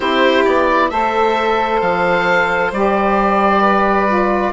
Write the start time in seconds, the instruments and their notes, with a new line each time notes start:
0.00 bassoon C4, saxophone E4, violin G4, oboe C5
0.45 bassoon B3, oboe D5
0.89 bassoon A3, saxophone A4, violin C5, oboe E5
1.81 bassoon F3, oboe F5
2.71 bassoon G3, saxophone G4, oboe D5
3.61 violin B4
4.07 saxophone F4